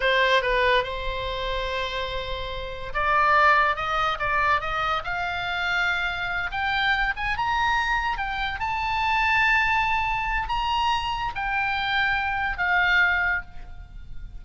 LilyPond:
\new Staff \with { instrumentName = "oboe" } { \time 4/4 \tempo 4 = 143 c''4 b'4 c''2~ | c''2. d''4~ | d''4 dis''4 d''4 dis''4 | f''2.~ f''8 g''8~ |
g''4 gis''8 ais''2 g''8~ | g''8 a''2.~ a''8~ | a''4 ais''2 g''4~ | g''2 f''2 | }